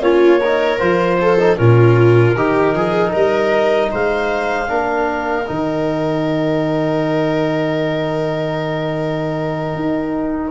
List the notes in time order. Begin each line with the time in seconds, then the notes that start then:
0.00 A#3 C#4 F4 C#5
0.41 D#4 A#4
0.79 F3 F4 C5
1.21 A4
1.39 D#4
1.57 A#2 C#4 F4 A#4
2.35 D#3 D#4 G4
2.74 F3 G#4
3.12 G3 A#4 D#5
3.91 G#3 C5 F5
4.67 A#3 D4 A#4
5.46 D#3 D#4 G5
9.75 D#4